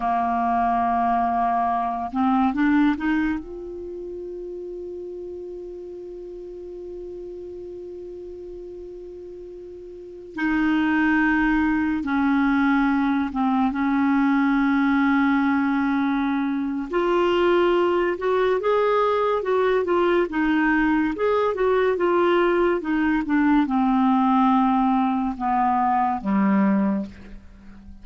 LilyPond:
\new Staff \with { instrumentName = "clarinet" } { \time 4/4 \tempo 4 = 71 ais2~ ais8 c'8 d'8 dis'8 | f'1~ | f'1~ | f'16 dis'2 cis'4. c'16~ |
c'16 cis'2.~ cis'8. | f'4. fis'8 gis'4 fis'8 f'8 | dis'4 gis'8 fis'8 f'4 dis'8 d'8 | c'2 b4 g4 | }